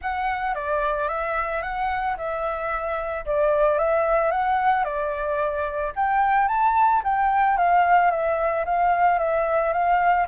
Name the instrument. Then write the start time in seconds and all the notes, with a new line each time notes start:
flute
0.01 F#5
0.54 D5
1.08 E5
1.62 F#5
2.17 E5
3.25 D5
3.78 E5
4.31 F#5
4.84 D5
5.95 G5
6.47 A5
7.03 G5
7.57 F5
8.10 E5
8.65 F5
9.18 E5
9.72 F5